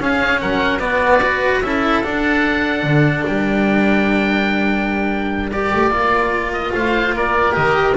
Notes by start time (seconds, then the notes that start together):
0.00 C#4 G#4 F5
0.41 F#3 A#4 F#5
0.80 B3 F#4 D5
1.22 F#4 B4
1.62 C#4 E4 A4 E5
2.02 D4 F#5
2.83 D3
3.26 G3 A#4 G5
5.52 G4 D5
5.74 A3
5.90 A#3 F4
6.53 D#5
6.74 A3 C5 F5
7.14 A#3 A#4 D5
7.52 D#3 G4 D#5